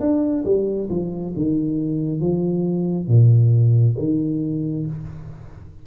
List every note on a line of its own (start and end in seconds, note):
0.00 0.44 D4
0.45 0.89 G3
0.90 1.34 F3
1.36 2.21 D#3
2.21 3.08 F3
3.08 3.96 A#2
3.98 4.86 D#3